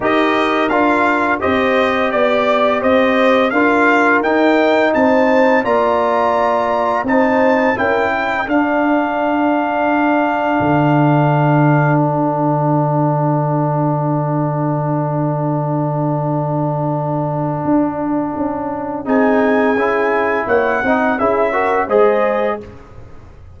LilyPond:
<<
  \new Staff \with { instrumentName = "trumpet" } { \time 4/4 \tempo 4 = 85 dis''4 f''4 dis''4 d''4 | dis''4 f''4 g''4 a''4 | ais''2 a''4 g''4 | f''1~ |
f''4 fis''2.~ | fis''1~ | fis''2. gis''4~ | gis''4 fis''4 e''4 dis''4 | }
  \new Staff \with { instrumentName = "horn" } { \time 4/4 ais'2 c''4 d''4 | c''4 ais'2 c''4 | d''2 c''4 ais'8 a'8~ | a'1~ |
a'1~ | a'1~ | a'2. gis'4~ | gis'4 cis''8 dis''8 gis'8 ais'8 c''4 | }
  \new Staff \with { instrumentName = "trombone" } { \time 4/4 g'4 f'4 g'2~ | g'4 f'4 dis'2 | f'2 dis'4 e'4 | d'1~ |
d'1~ | d'1~ | d'2. dis'4 | e'4. dis'8 e'8 fis'8 gis'4 | }
  \new Staff \with { instrumentName = "tuba" } { \time 4/4 dis'4 d'4 c'4 b4 | c'4 d'4 dis'4 c'4 | ais2 c'4 cis'4 | d'2. d4~ |
d1~ | d1~ | d4 d'4 cis'4 c'4 | cis'4 ais8 c'8 cis'4 gis4 | }
>>